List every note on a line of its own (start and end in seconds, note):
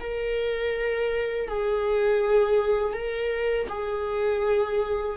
0.00 1.48 A#4
1.48 2.93 G#4
2.93 3.67 A#4
3.68 5.16 G#4